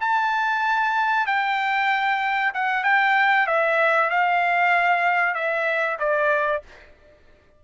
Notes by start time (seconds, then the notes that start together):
0.00 A5
1.26 G5
2.53 F#5
2.83 G5
3.47 E5
4.10 F5
5.34 E5
5.99 D5